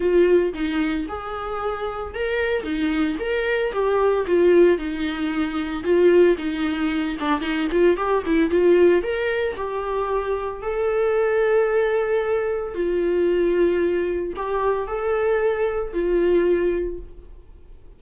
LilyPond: \new Staff \with { instrumentName = "viola" } { \time 4/4 \tempo 4 = 113 f'4 dis'4 gis'2 | ais'4 dis'4 ais'4 g'4 | f'4 dis'2 f'4 | dis'4. d'8 dis'8 f'8 g'8 e'8 |
f'4 ais'4 g'2 | a'1 | f'2. g'4 | a'2 f'2 | }